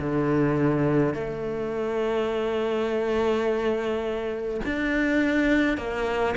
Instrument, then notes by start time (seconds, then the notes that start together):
cello
0.00 D3
1.14 A3
4.65 D4
5.77 A#3